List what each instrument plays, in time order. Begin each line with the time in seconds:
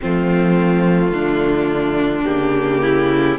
0.01 cello F3, viola A3, violin C4 F4
1.11 cello D3, violin D4
2.24 cello C#3, viola A#3, violin G4
2.81 violin E4